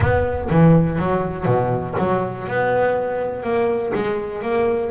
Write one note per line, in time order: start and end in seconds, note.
0.00 0.48 B3
0.49 0.98 E3
0.98 1.45 F#3
1.45 1.94 B2
1.98 2.47 F#3
2.47 3.43 B3
3.43 3.92 A#3
3.94 4.42 G#3
4.42 4.90 A#3